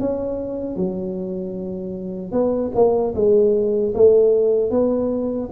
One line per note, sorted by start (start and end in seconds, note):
0.00 0.76 C#4
0.76 2.32 F#3
2.32 2.72 B3
2.75 3.15 A#3
3.15 3.94 G#3
3.95 4.71 A3
4.71 5.50 B3